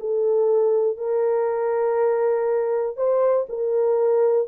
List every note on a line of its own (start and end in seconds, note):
0.00 0.98 A4
0.98 2.97 A#4
2.97 3.47 C5
3.50 4.48 A#4